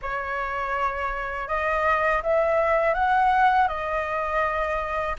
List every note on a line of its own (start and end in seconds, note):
0.02 1.48 C#5
1.48 2.22 D#5
2.23 2.94 E5
2.94 3.68 F#5
3.68 5.16 D#5